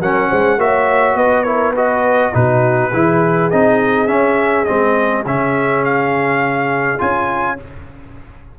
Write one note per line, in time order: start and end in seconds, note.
0.00 0.29 F#3
0.00 0.59 C#4
0.00 0.29 A#4
0.00 0.60 F#5
0.29 0.58 G#3
0.29 0.58 C5
0.58 1.15 A#3
0.58 1.46 F#4
0.58 1.17 C#5
0.58 1.17 E5
1.15 2.31 B3
1.15 1.45 B4
1.15 1.43 D#5
1.43 1.75 E4
1.43 1.73 A#4
1.43 1.72 C#5
1.73 2.33 F#4
1.73 2.31 B4
1.73 2.34 D#5
2.33 2.93 B2
2.33 2.91 D#4
2.33 2.92 F#4
2.33 3.51 B4
2.92 3.52 E3
2.92 3.51 E4
2.92 7.58 G#4
3.51 4.08 C4
3.51 4.07 D#4
3.51 4.07 D#5
4.07 4.66 C#4
4.07 4.67 C#4
4.07 4.65 E5
4.65 5.25 G#3
4.65 5.25 C4
4.65 5.23 D#5
5.25 7.00 C#3
5.25 6.99 C#4
5.25 5.84 E5
5.84 7.00 F5
6.99 7.59 C#4
6.99 7.57 F4
6.99 7.58 G#5